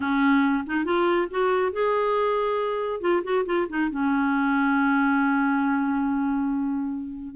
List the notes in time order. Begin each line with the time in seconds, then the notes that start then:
0.00 C#4
0.66 D#4
0.85 F4
1.30 F#4
1.72 G#4
3.00 F4
3.23 F#4
3.45 F4
3.69 D#4
3.90 C#4